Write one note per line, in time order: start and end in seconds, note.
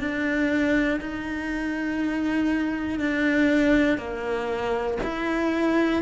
0.00 1.00 D4
1.01 3.00 D#4
3.00 3.98 D4
3.98 4.98 A#3
5.04 6.03 E4